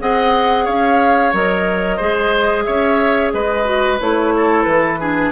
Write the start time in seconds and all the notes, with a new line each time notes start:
0.00 C4 G#4 D#5 F#5
0.65 C#4 C#5 F5
1.33 F#3 A#4 D#5
1.97 G#3 G#4 C5
2.64 C#4 C#5 E5
3.33 G#3 B4 D#5
3.65 F#4
4.01 A3 E4 C#5
4.37 A4
4.63 E3 B4
5.00 D4 G#4